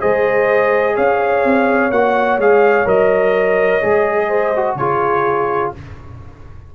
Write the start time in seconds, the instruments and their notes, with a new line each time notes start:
0.00 tuba G#3, trombone G#4, horn C5, trumpet D#5
0.96 tuba C#4, horn C#5, trumpet F5
1.44 tuba C4
1.91 tuba A#3, trombone F#4, trumpet F#5
2.38 tuba G#3, trombone G#4, trumpet F5
2.85 tuba F#3, trombone A#4, trumpet D#5
3.81 tuba G#3, trombone G#4
4.28 horn C5
4.56 trombone F#4
4.76 tuba C#3, trombone F4, horn G#4, trumpet C#5